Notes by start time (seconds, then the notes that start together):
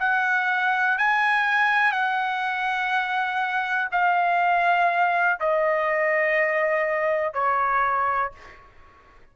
0.00 F#5
0.98 G#5
1.92 F#5
3.92 F5
5.41 D#5
7.34 C#5